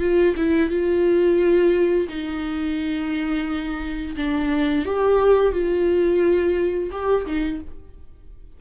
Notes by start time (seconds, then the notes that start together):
0.00 F4
0.37 E4
0.70 F4
2.09 D#4
4.17 D4
4.86 G4
5.52 F4
6.92 G4
7.26 D#4